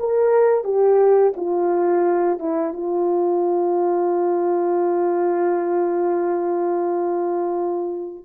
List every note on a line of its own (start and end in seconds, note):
0.00 0.65 A#4
0.65 1.34 G4
1.37 2.40 F4
2.40 2.74 E4
2.74 8.25 F4